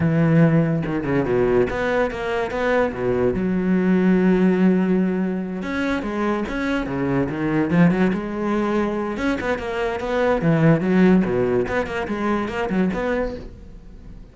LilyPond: \new Staff \with { instrumentName = "cello" } { \time 4/4 \tempo 4 = 144 e2 dis8 cis8 b,4 | b4 ais4 b4 b,4 | fis1~ | fis4. cis'4 gis4 cis'8~ |
cis'8 cis4 dis4 f8 fis8 gis8~ | gis2 cis'8 b8 ais4 | b4 e4 fis4 b,4 | b8 ais8 gis4 ais8 fis8 b4 | }